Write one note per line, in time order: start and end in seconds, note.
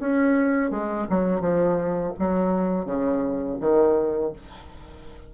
0.00 0.71 C#4
0.71 1.07 G#3
1.10 1.41 F#3
1.41 2.14 F3
2.19 2.86 F#3
2.86 3.58 C#3
3.61 4.33 D#3